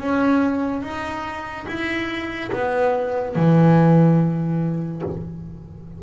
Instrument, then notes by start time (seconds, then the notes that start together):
double bass
0.00 C#4
0.83 D#4
1.68 E4
2.53 B3
3.36 E3